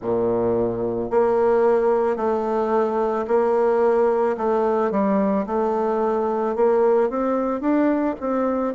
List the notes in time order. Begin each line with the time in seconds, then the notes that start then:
0.01 A#2
1.10 A#3
2.16 A3
3.27 A#3
4.37 A3
4.91 G3
5.46 A3
6.55 A#3
7.09 C4
7.60 D4
8.20 C4